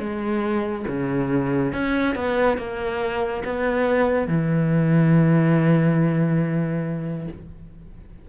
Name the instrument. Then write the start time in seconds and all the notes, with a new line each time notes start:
cello
0.00 G#3
0.88 C#3
1.73 C#4
2.15 B3
2.58 A#3
3.45 B3
4.28 E3